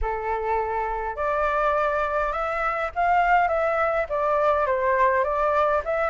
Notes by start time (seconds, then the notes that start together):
0.01 A4
1.15 D5
2.32 E5
2.95 F5
3.48 E5
4.09 D5
4.66 C5
5.23 D5
5.84 E5